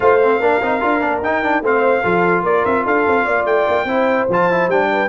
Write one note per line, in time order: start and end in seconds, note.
0.00 0.40 A3
0.00 0.20 F4
0.00 0.41 C5
0.00 1.20 F5
0.23 0.41 C4
0.40 0.60 A#3
0.40 0.61 D4
0.40 1.62 A#4
0.61 0.82 C4
0.61 0.80 D#4
0.80 1.02 D4
0.80 1.01 F4
1.01 1.20 A#3
1.01 1.21 D4
1.20 1.61 D#4
1.20 1.42 D#4
1.20 1.64 G5
1.42 1.63 D4
1.61 2.01 A3
1.61 2.03 C4
1.61 2.02 C5
1.61 2.44 F5
2.02 2.42 F3
2.02 3.87 F4
2.02 2.43 A4
2.42 2.63 A#3
2.42 2.84 A#4
2.42 2.65 D5
2.65 2.85 C4
2.65 2.85 E5
2.84 3.05 D4
2.84 3.24 A4
2.84 3.45 F5
3.06 3.26 C4
3.24 3.44 A#3
3.24 3.85 D5
3.44 3.65 A3
3.44 4.27 G5
3.67 3.84 A#3
3.84 4.25 C4
3.84 4.28 E4
3.84 4.88 C5
4.28 4.67 F3
4.28 4.51 F4
4.28 4.69 A5
4.51 4.70 E4
4.67 5.08 G3
4.67 5.08 D4
4.67 5.08 G5
4.91 5.08 B4